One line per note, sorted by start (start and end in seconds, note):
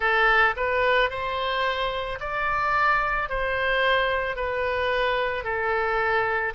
0.00 0.55 A4
0.56 1.10 B4
1.10 2.19 C5
2.20 3.29 D5
3.29 4.35 C5
4.35 5.43 B4
5.43 6.53 A4